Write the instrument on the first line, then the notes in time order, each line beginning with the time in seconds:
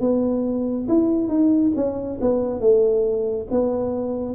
tuba
0.00 B3
0.88 E4
1.28 D#4
1.75 C#4
2.21 B3
2.60 A3
3.50 B3